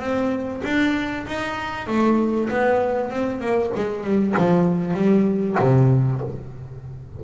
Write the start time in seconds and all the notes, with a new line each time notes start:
0.00 C4
0.64 D4
1.27 D#4
1.87 A3
2.49 B3
3.10 C4
3.40 A#3
3.75 G#3
4.04 G3
4.37 F3
4.94 G3
5.60 C3